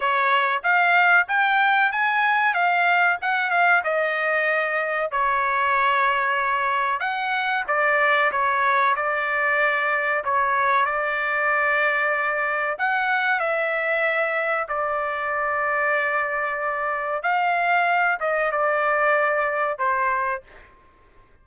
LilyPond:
\new Staff \with { instrumentName = "trumpet" } { \time 4/4 \tempo 4 = 94 cis''4 f''4 g''4 gis''4 | f''4 fis''8 f''8 dis''2 | cis''2. fis''4 | d''4 cis''4 d''2 |
cis''4 d''2. | fis''4 e''2 d''4~ | d''2. f''4~ | f''8 dis''8 d''2 c''4 | }